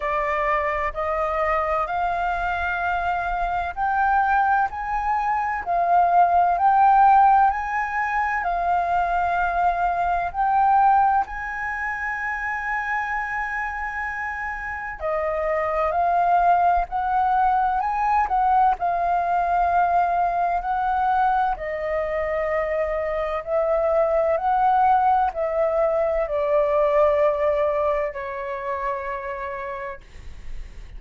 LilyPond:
\new Staff \with { instrumentName = "flute" } { \time 4/4 \tempo 4 = 64 d''4 dis''4 f''2 | g''4 gis''4 f''4 g''4 | gis''4 f''2 g''4 | gis''1 |
dis''4 f''4 fis''4 gis''8 fis''8 | f''2 fis''4 dis''4~ | dis''4 e''4 fis''4 e''4 | d''2 cis''2 | }